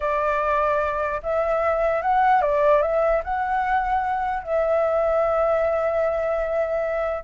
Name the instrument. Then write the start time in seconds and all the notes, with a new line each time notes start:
flute
0.00 D5
1.23 E5
2.02 F#5
2.41 D5
2.82 E5
3.24 F#5
4.43 E5